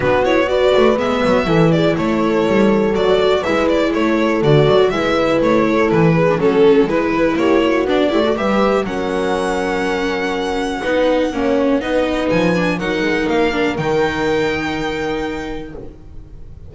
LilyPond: <<
  \new Staff \with { instrumentName = "violin" } { \time 4/4 \tempo 4 = 122 b'8 cis''8 d''4 e''4. d''8 | cis''2 d''4 e''8 d''8 | cis''4 d''4 e''4 cis''4 | b'4 a'4 b'4 cis''4 |
d''4 e''4 fis''2~ | fis''1 | dis''4 gis''4 fis''4 f''4 | g''1 | }
  \new Staff \with { instrumentName = "horn" } { \time 4/4 fis'4 b'2 a'8 gis'8 | a'2. b'4 | a'2 b'4. a'8~ | a'8 gis'8 a'4 b'4 g'8 fis'8~ |
fis'8 g'16 a'16 b'4 ais'2~ | ais'2 b'4 cis''4 | b'2 ais'2~ | ais'1 | }
  \new Staff \with { instrumentName = "viola" } { \time 4/4 d'8 e'8 fis'4 b4 e'4~ | e'2 fis'4 e'4~ | e'4 fis'4 e'2~ | e'8. d'16 cis'4 e'2 |
d'8 e'16 fis'16 g'4 cis'2~ | cis'2 dis'4 cis'4 | dis'4. d'8 dis'4. d'8 | dis'1 | }
  \new Staff \with { instrumentName = "double bass" } { \time 4/4 b4. a8 gis8 fis8 e4 | a4 g4 fis4 gis4 | a4 d8 fis8 gis4 a4 | e4 fis4 gis4 ais4 |
b8 a8 g4 fis2~ | fis2 b4 ais4 | b4 f4 fis8 gis8 ais4 | dis1 | }
>>